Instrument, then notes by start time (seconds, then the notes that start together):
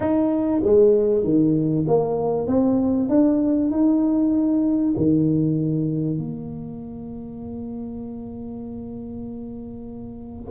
tuba
0.00 D#4
0.63 G#3
1.24 D#3
1.87 A#3
2.47 C4
3.09 D4
3.70 D#4
4.97 D#3
6.17 A#3